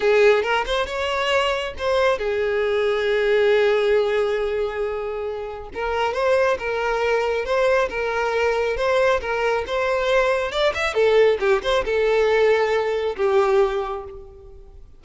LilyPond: \new Staff \with { instrumentName = "violin" } { \time 4/4 \tempo 4 = 137 gis'4 ais'8 c''8 cis''2 | c''4 gis'2.~ | gis'1~ | gis'4 ais'4 c''4 ais'4~ |
ais'4 c''4 ais'2 | c''4 ais'4 c''2 | d''8 e''8 a'4 g'8 c''8 a'4~ | a'2 g'2 | }